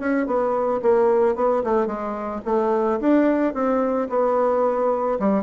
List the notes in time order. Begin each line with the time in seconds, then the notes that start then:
0.00 C#4
0.27 B3
0.83 A#3
1.36 B3
1.64 A3
1.87 G#3
2.45 A3
3.00 D4
3.54 C4
4.10 B3
5.20 G3